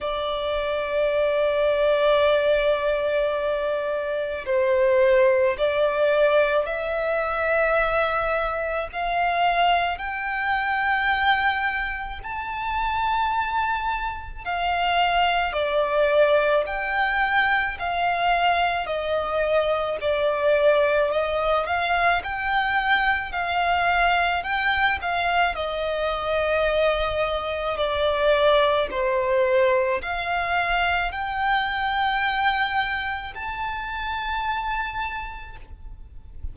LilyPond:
\new Staff \with { instrumentName = "violin" } { \time 4/4 \tempo 4 = 54 d''1 | c''4 d''4 e''2 | f''4 g''2 a''4~ | a''4 f''4 d''4 g''4 |
f''4 dis''4 d''4 dis''8 f''8 | g''4 f''4 g''8 f''8 dis''4~ | dis''4 d''4 c''4 f''4 | g''2 a''2 | }